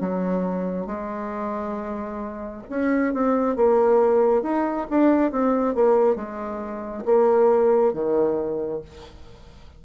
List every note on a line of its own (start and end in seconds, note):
0.00 0.86 F#3
0.86 2.62 G#3
2.69 3.13 C#4
3.13 3.56 C4
3.56 4.42 A#3
4.42 4.86 D#4
4.90 5.31 D4
5.31 5.75 C4
5.75 6.15 A#3
6.15 7.03 G#3
7.05 7.93 A#3
7.93 8.81 D#3